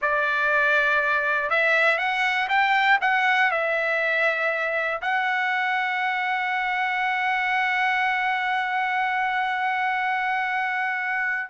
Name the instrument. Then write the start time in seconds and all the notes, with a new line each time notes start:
trumpet
0.01 D5
1.50 E5
1.98 F#5
2.48 G5
3.01 F#5
3.51 E5
5.01 F#5